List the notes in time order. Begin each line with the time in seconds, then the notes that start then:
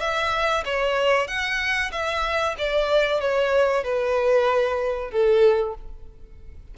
0.00 E5
0.65 C#5
1.27 F#5
1.91 E5
2.58 D5
3.21 C#5
3.84 B4
5.11 A4